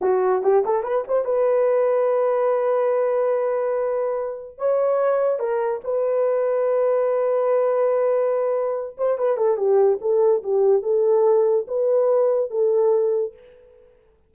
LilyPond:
\new Staff \with { instrumentName = "horn" } { \time 4/4 \tempo 4 = 144 fis'4 g'8 a'8 b'8 c''8 b'4~ | b'1~ | b'2. cis''4~ | cis''4 ais'4 b'2~ |
b'1~ | b'4. c''8 b'8 a'8 g'4 | a'4 g'4 a'2 | b'2 a'2 | }